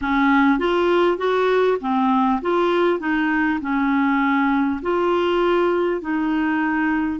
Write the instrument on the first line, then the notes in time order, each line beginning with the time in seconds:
clarinet
0.01 C#4
0.58 F4
1.17 F#4
1.80 C4
2.41 F4
2.99 D#4
3.61 C#4
4.82 F4
6.01 D#4